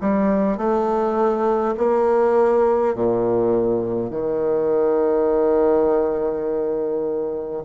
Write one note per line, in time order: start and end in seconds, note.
0.00 0.57 G3
0.57 1.75 A3
1.77 2.94 A#3
2.94 4.10 A#2
4.10 7.63 D#3